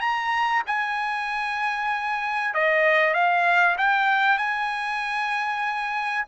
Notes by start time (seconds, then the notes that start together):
0.00 A#5
0.66 G#5
2.54 D#5
3.14 F5
3.78 G5
4.38 G#5